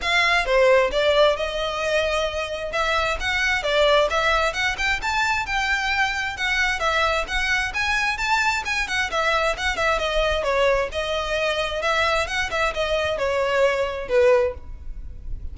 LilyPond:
\new Staff \with { instrumentName = "violin" } { \time 4/4 \tempo 4 = 132 f''4 c''4 d''4 dis''4~ | dis''2 e''4 fis''4 | d''4 e''4 fis''8 g''8 a''4 | g''2 fis''4 e''4 |
fis''4 gis''4 a''4 gis''8 fis''8 | e''4 fis''8 e''8 dis''4 cis''4 | dis''2 e''4 fis''8 e''8 | dis''4 cis''2 b'4 | }